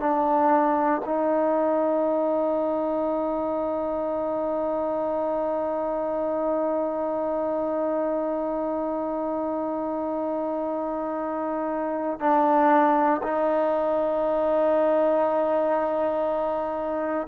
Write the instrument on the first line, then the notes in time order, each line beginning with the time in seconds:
trombone
0.00 D4
1.05 D#4
12.20 D4
13.23 D#4